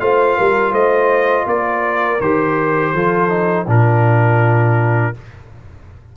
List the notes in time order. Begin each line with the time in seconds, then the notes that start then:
0.00 A3 F4 C5 F5
0.38 G3 A#4
0.72 A3 C5 D#5
1.47 A#3 A#4 D5
2.21 D#3 G4 C5
2.93 F3 F4 A4
3.29 D#4
3.67 A#2 D4 F4 A#4